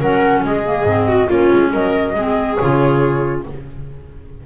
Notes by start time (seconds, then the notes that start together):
0.00 F#3 C#4 A#4 F#5
0.45 G#3 G#4 D#5
0.64 A#3
0.84 G#2 C4
1.08 F#4
1.27 A#3 C#4 F4 C#5
1.53 G#3
1.72 F#3 A#4 D#5
2.15 G#3 C4 G#4
2.55 C#3 F4 C#5